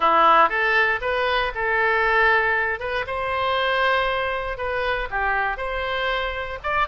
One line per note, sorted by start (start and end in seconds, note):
0.00 0.49 E4
0.49 1.00 A4
1.01 1.52 B4
1.55 2.79 A4
2.79 3.05 B4
3.06 4.57 C5
4.57 5.08 B4
5.10 5.57 G4
5.57 6.58 C5
6.63 6.87 D5